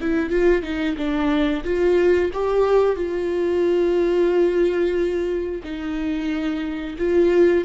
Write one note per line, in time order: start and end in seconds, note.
0.00 0.29 E4
0.29 0.62 F4
0.62 0.95 D#4
0.97 1.64 D4
1.64 2.31 F4
2.33 2.95 G4
2.95 5.62 F4
5.63 6.96 D#4
6.98 7.64 F4